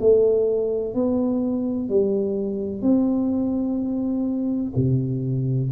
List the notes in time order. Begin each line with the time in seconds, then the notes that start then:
0.00 A3
0.94 B3
1.89 G3
2.81 C4
4.75 C3